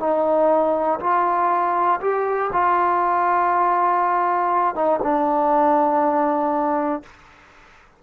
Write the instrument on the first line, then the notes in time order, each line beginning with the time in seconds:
trombone
0.00 D#4
1.00 F4
2.01 G4
2.53 F4
4.75 D#4
5.03 D4